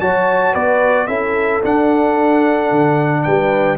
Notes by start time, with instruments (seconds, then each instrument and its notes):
0.00 tuba F#3, trombone F#4, horn C#5, trumpet A5
0.53 tuba B3, horn B4, trumpet D5
1.07 tuba C#4, trombone E4, horn A4, trumpet E5
1.63 trombone D4, tuba D4, trumpet F#5
2.71 tuba D3
3.23 tuba G3, horn B4, trumpet G5